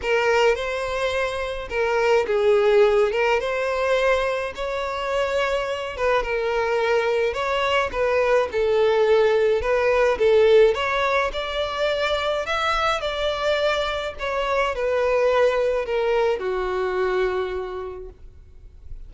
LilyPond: \new Staff \with { instrumentName = "violin" } { \time 4/4 \tempo 4 = 106 ais'4 c''2 ais'4 | gis'4. ais'8 c''2 | cis''2~ cis''8 b'8 ais'4~ | ais'4 cis''4 b'4 a'4~ |
a'4 b'4 a'4 cis''4 | d''2 e''4 d''4~ | d''4 cis''4 b'2 | ais'4 fis'2. | }